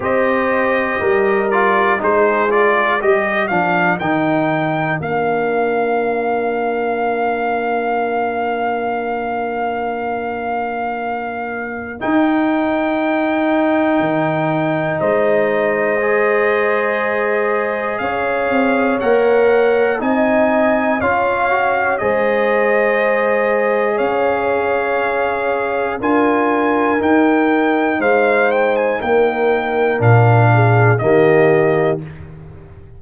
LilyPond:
<<
  \new Staff \with { instrumentName = "trumpet" } { \time 4/4 \tempo 4 = 60 dis''4. d''8 c''8 d''8 dis''8 f''8 | g''4 f''2.~ | f''1 | g''2. dis''4~ |
dis''2 f''4 fis''4 | gis''4 f''4 dis''2 | f''2 gis''4 g''4 | f''8 g''16 gis''16 g''4 f''4 dis''4 | }
  \new Staff \with { instrumentName = "horn" } { \time 4/4 c''4 ais'4 gis'4 ais'4~ | ais'1~ | ais'1~ | ais'2. c''4~ |
c''2 cis''2 | dis''4 cis''4 c''2 | cis''2 ais'2 | c''4 ais'4. gis'8 g'4 | }
  \new Staff \with { instrumentName = "trombone" } { \time 4/4 g'4. f'8 dis'8 f'8 g'8 d'8 | dis'4 d'2.~ | d'1 | dis'1 |
gis'2. ais'4 | dis'4 f'8 fis'8 gis'2~ | gis'2 f'4 dis'4~ | dis'2 d'4 ais4 | }
  \new Staff \with { instrumentName = "tuba" } { \time 4/4 c'4 g4 gis4 g8 f8 | dis4 ais2.~ | ais1 | dis'2 dis4 gis4~ |
gis2 cis'8 c'8 ais4 | c'4 cis'4 gis2 | cis'2 d'4 dis'4 | gis4 ais4 ais,4 dis4 | }
>>